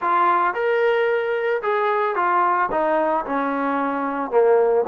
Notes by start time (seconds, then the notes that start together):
0.01 F4
0.54 A#4
1.62 G#4
2.15 F4
2.71 D#4
3.25 C#4
4.30 A#3